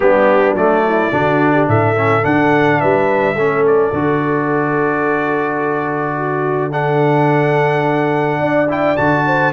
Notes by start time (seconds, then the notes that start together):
0.00 G3 B3 D4 G4
0.54 F#3 A3 D5
0.84 E4
1.11 D3 D4 F#4
1.52 G4
1.67 A2 A4 E5
1.96 C#4
2.22 D3 D4 F#5
2.80 G3 B4 E5
3.34 A3 C#4 A4
3.67 D5
3.92 D3 F#4
6.17 F#4
6.71 D4 A4 F#5
8.39 D4 D5
8.68 E4 G5
8.96 D3 F#4 A5
9.26 C5